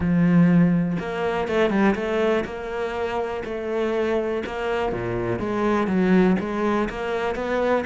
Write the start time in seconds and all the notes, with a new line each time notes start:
0.00 F3
0.99 A#3
1.48 A3
1.70 G3
1.95 A3
2.44 A#3
3.44 A3
4.46 A#3
4.92 A#2
5.39 G#3
5.87 F#3
6.39 G#3
6.89 A#3
7.35 B3